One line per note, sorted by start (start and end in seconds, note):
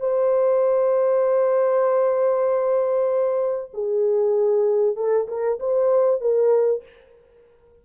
0.00 3.71 C5
3.74 4.96 G#4
4.96 5.27 A4
5.28 5.59 A#4
5.60 6.21 C5
6.21 6.83 A#4